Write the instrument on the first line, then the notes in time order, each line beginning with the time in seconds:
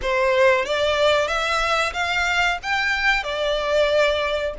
violin
0.02 C5
0.65 D5
1.27 E5
1.93 F5
2.62 G5
3.23 D5